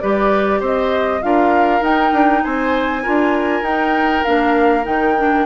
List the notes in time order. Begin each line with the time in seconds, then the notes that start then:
0.00 G3 G4 B4 D5
0.60 C4 C5 D#5
1.22 D4 F4 A#4 F5
1.82 D#4 G5
2.12 D4
2.44 C4 C5 G#5
3.03 D4 F4 A#4
3.62 D#4 G5
4.24 A#3 D4 F5
4.84 D#3 D#4 G5
5.19 D4